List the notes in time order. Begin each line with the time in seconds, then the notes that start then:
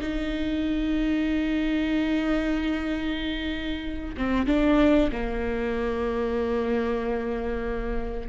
0.00 D#4
4.17 C4
4.46 D4
5.12 A#3